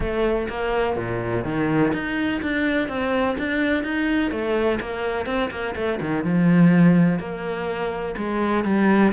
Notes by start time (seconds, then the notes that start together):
0.00 A3
0.49 A#3
0.96 A#2
1.44 D#3
1.93 D#4
2.42 D4
2.88 C4
3.38 D4
3.83 D#4
4.31 A3
4.80 A#3
5.26 C4
5.51 A#3
5.75 A3
6.00 D#3
6.24 F3
7.19 A#3
8.17 G#3
8.64 G3